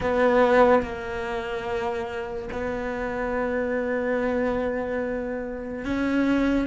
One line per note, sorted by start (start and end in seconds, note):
0.00 0.82 B3
0.82 2.48 A#3
2.52 5.84 B3
5.84 6.67 C#4